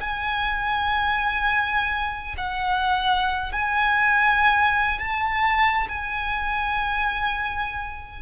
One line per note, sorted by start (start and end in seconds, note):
0.00 2.35 G#5
2.37 3.52 F#5
3.52 4.99 G#5
4.99 5.87 A5
5.88 8.22 G#5